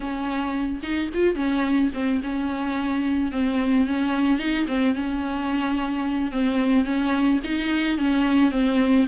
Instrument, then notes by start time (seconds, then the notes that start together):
viola
0.00 C#4
0.82 D#4
1.14 F4
1.35 C#4
1.93 C4
2.23 C#4
3.31 C4
3.86 C#4
4.39 D#4
4.67 C4
4.94 C#4
6.31 C4
6.84 C#4
7.44 D#4
7.97 C#4
8.51 C4